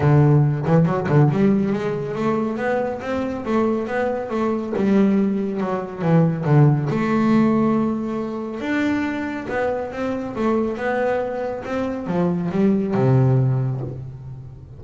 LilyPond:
\new Staff \with { instrumentName = "double bass" } { \time 4/4 \tempo 4 = 139 d4. e8 fis8 d8 g4 | gis4 a4 b4 c'4 | a4 b4 a4 g4~ | g4 fis4 e4 d4 |
a1 | d'2 b4 c'4 | a4 b2 c'4 | f4 g4 c2 | }